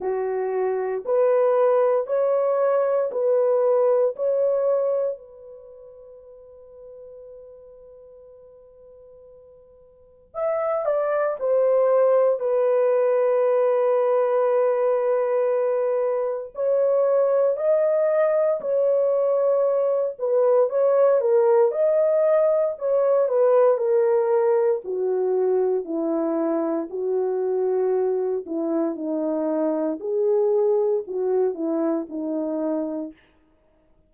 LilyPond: \new Staff \with { instrumentName = "horn" } { \time 4/4 \tempo 4 = 58 fis'4 b'4 cis''4 b'4 | cis''4 b'2.~ | b'2 e''8 d''8 c''4 | b'1 |
cis''4 dis''4 cis''4. b'8 | cis''8 ais'8 dis''4 cis''8 b'8 ais'4 | fis'4 e'4 fis'4. e'8 | dis'4 gis'4 fis'8 e'8 dis'4 | }